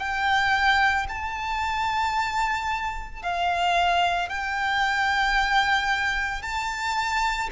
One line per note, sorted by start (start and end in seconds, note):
0.00 1.07 G5
1.09 3.23 A5
3.23 4.30 F5
4.30 6.43 G5
6.43 7.50 A5